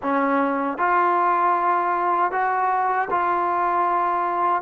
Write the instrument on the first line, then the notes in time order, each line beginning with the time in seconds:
trombone
0.02 C#4
0.78 F4
2.31 F#4
3.10 F4